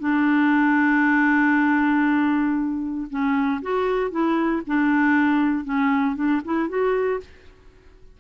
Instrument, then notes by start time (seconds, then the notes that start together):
clarinet
0.00 D4
3.10 C#4
3.62 F#4
4.11 E4
4.67 D4
5.65 C#4
6.16 D4
6.45 E4
6.69 F#4